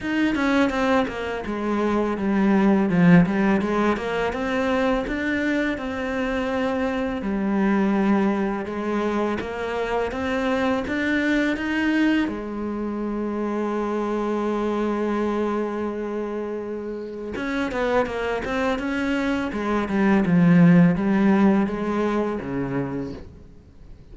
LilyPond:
\new Staff \with { instrumentName = "cello" } { \time 4/4 \tempo 4 = 83 dis'8 cis'8 c'8 ais8 gis4 g4 | f8 g8 gis8 ais8 c'4 d'4 | c'2 g2 | gis4 ais4 c'4 d'4 |
dis'4 gis2.~ | gis1 | cis'8 b8 ais8 c'8 cis'4 gis8 g8 | f4 g4 gis4 cis4 | }